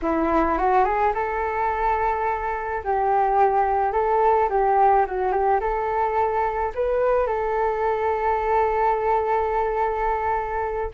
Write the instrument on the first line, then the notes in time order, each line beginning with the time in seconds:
flute
0.02 E4
0.58 F#4
0.84 G#4
1.14 A4
2.83 G4
3.92 A4
4.49 G4
5.06 F#4
5.31 G4
5.60 A4
6.74 B4
7.26 A4